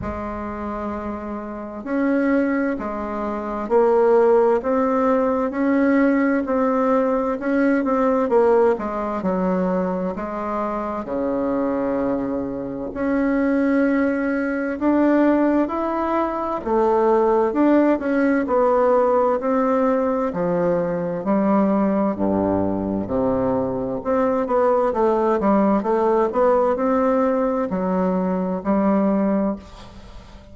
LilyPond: \new Staff \with { instrumentName = "bassoon" } { \time 4/4 \tempo 4 = 65 gis2 cis'4 gis4 | ais4 c'4 cis'4 c'4 | cis'8 c'8 ais8 gis8 fis4 gis4 | cis2 cis'2 |
d'4 e'4 a4 d'8 cis'8 | b4 c'4 f4 g4 | g,4 c4 c'8 b8 a8 g8 | a8 b8 c'4 fis4 g4 | }